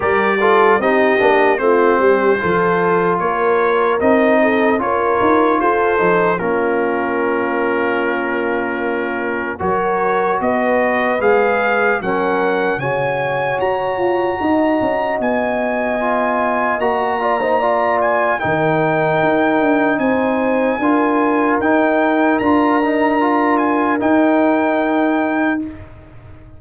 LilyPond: <<
  \new Staff \with { instrumentName = "trumpet" } { \time 4/4 \tempo 4 = 75 d''4 dis''4 c''2 | cis''4 dis''4 cis''4 c''4 | ais'1 | cis''4 dis''4 f''4 fis''4 |
gis''4 ais''2 gis''4~ | gis''4 ais''4. gis''8 g''4~ | g''4 gis''2 g''4 | ais''4. gis''8 g''2 | }
  \new Staff \with { instrumentName = "horn" } { \time 4/4 ais'8 a'8 g'4 f'8 g'8 a'4 | ais'4. a'8 ais'4 a'4 | f'1 | ais'4 b'2 ais'4 |
cis''2 dis''2~ | dis''4. d''16 c''16 d''4 ais'4~ | ais'4 c''4 ais'2~ | ais'1 | }
  \new Staff \with { instrumentName = "trombone" } { \time 4/4 g'8 f'8 dis'8 d'8 c'4 f'4~ | f'4 dis'4 f'4. dis'8 | cis'1 | fis'2 gis'4 cis'4 |
fis'1 | f'4 fis'8 f'16 dis'16 f'4 dis'4~ | dis'2 f'4 dis'4 | f'8 dis'8 f'4 dis'2 | }
  \new Staff \with { instrumentName = "tuba" } { \time 4/4 g4 c'8 ais8 a8 g8 f4 | ais4 c'4 cis'8 dis'8 f'8 f8 | ais1 | fis4 b4 gis4 fis4 |
cis4 fis'8 f'8 dis'8 cis'8 b4~ | b4 ais2 dis4 | dis'8 d'8 c'4 d'4 dis'4 | d'2 dis'2 | }
>>